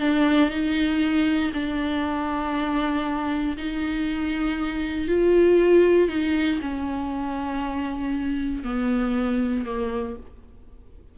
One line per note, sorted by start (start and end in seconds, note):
0.00 0.50 D4
0.50 1.52 D#4
1.53 3.57 D4
3.57 5.08 D#4
5.08 6.09 F4
6.09 6.60 D#4
6.61 8.64 C#4
8.64 9.65 B3
9.65 10.16 A#3